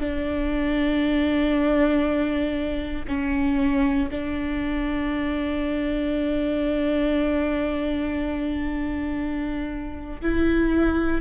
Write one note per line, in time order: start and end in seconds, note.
0.00 3.05 D4
3.07 4.09 C#4
4.10 10.21 D4
10.22 11.21 E4